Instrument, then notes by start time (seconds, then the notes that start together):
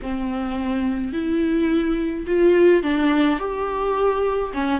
viola
0.02 C4
1.12 E4
2.26 F4
2.82 D4
3.39 G4
4.53 C#4